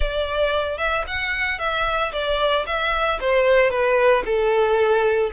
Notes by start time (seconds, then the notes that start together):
0.00 D5
0.77 E5
1.07 F#5
1.59 E5
2.12 D5
2.66 E5
3.20 C5
3.70 B4
4.25 A4